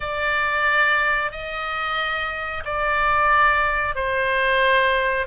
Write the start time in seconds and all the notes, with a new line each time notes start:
0.00 D5
1.31 D#5
2.65 D5
3.95 C5